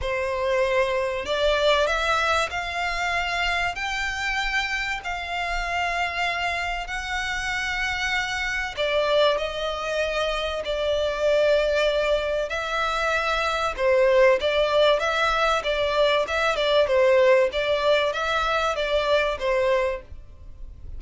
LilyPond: \new Staff \with { instrumentName = "violin" } { \time 4/4 \tempo 4 = 96 c''2 d''4 e''4 | f''2 g''2 | f''2. fis''4~ | fis''2 d''4 dis''4~ |
dis''4 d''2. | e''2 c''4 d''4 | e''4 d''4 e''8 d''8 c''4 | d''4 e''4 d''4 c''4 | }